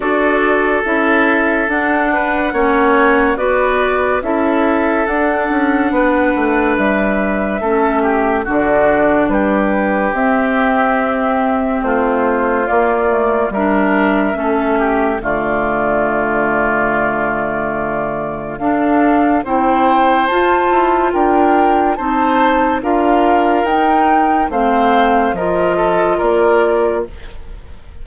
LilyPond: <<
  \new Staff \with { instrumentName = "flute" } { \time 4/4 \tempo 4 = 71 d''4 e''4 fis''2 | d''4 e''4 fis''2 | e''2 d''4 b'4 | e''2 c''4 d''4 |
e''2 d''2~ | d''2 f''4 g''4 | a''4 g''4 a''4 f''4 | g''4 f''4 dis''4 d''4 | }
  \new Staff \with { instrumentName = "oboe" } { \time 4/4 a'2~ a'8 b'8 cis''4 | b'4 a'2 b'4~ | b'4 a'8 g'8 fis'4 g'4~ | g'2 f'2 |
ais'4 a'8 g'8 f'2~ | f'2 a'4 c''4~ | c''4 ais'4 c''4 ais'4~ | ais'4 c''4 ais'8 a'8 ais'4 | }
  \new Staff \with { instrumentName = "clarinet" } { \time 4/4 fis'4 e'4 d'4 cis'4 | fis'4 e'4 d'2~ | d'4 cis'4 d'2 | c'2. ais8 a8 |
d'4 cis'4 a2~ | a2 d'4 e'4 | f'2 dis'4 f'4 | dis'4 c'4 f'2 | }
  \new Staff \with { instrumentName = "bassoon" } { \time 4/4 d'4 cis'4 d'4 ais4 | b4 cis'4 d'8 cis'8 b8 a8 | g4 a4 d4 g4 | c'2 a4 ais4 |
g4 a4 d2~ | d2 d'4 c'4 | f'8 e'8 d'4 c'4 d'4 | dis'4 a4 f4 ais4 | }
>>